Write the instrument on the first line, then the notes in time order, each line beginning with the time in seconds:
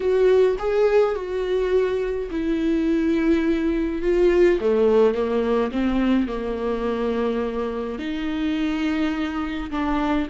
viola
0.00 F#4
0.58 G#4
1.15 F#4
2.30 E4
4.02 F4
4.60 A3
5.14 A#3
5.71 C4
6.27 A#3
7.98 D#4
9.70 D4